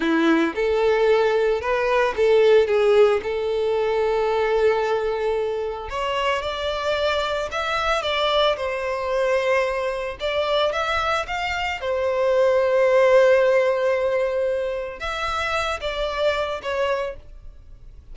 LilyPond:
\new Staff \with { instrumentName = "violin" } { \time 4/4 \tempo 4 = 112 e'4 a'2 b'4 | a'4 gis'4 a'2~ | a'2. cis''4 | d''2 e''4 d''4 |
c''2. d''4 | e''4 f''4 c''2~ | c''1 | e''4. d''4. cis''4 | }